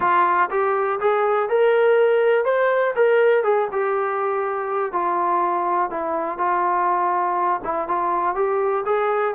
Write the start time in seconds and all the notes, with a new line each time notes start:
0.00 F4
0.50 G4
1.00 G#4
1.49 A#4
2.45 C5
2.95 A#4
3.43 G#4
3.71 G4
4.92 F4
5.90 E4
6.38 F4
7.64 E4
7.88 F4
8.35 G4
8.85 G#4